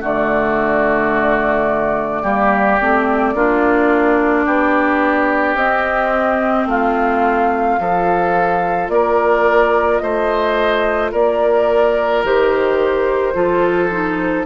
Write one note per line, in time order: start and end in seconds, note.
0.00 2.23 D3
0.00 2.23 A3
0.00 2.22 F#4
0.00 5.55 D5
2.22 2.78 G3
2.22 2.79 A#3
2.22 3.33 G4
2.80 3.34 A3
2.80 3.35 C4
3.34 4.45 A#3
3.34 5.57 D4
3.34 4.45 F4
4.45 5.54 B3
4.45 6.67 G4
5.54 6.65 C4
5.54 7.79 C4
5.54 6.66 D#5
6.65 7.76 A3
6.65 7.79 F4
6.65 8.89 F5
7.79 8.88 F3
7.79 12.23 F4
7.79 8.92 A4
8.88 10.00 A#3
8.88 10.02 A#4
8.88 9.98 D5
9.98 11.12 A3
9.98 11.11 C5
9.98 11.09 D#5
11.11 12.23 A#3
11.11 13.33 A#4
11.11 12.23 D5
12.23 13.34 D#3
12.23 13.33 G4
12.23 14.46 C5
13.33 14.45 F3
13.33 13.89 F4
13.33 14.46 A4
13.91 14.46 D#4